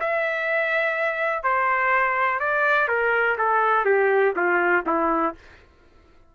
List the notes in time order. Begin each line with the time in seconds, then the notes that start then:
0.00 E5
1.43 C5
2.39 D5
2.88 A#4
3.38 A4
3.85 G4
4.36 F4
4.86 E4